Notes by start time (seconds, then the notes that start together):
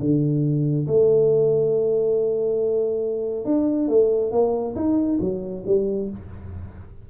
0.00 D3
0.87 A3
3.45 D4
3.89 A3
4.31 A#3
4.75 D#4
5.20 F#3
5.67 G3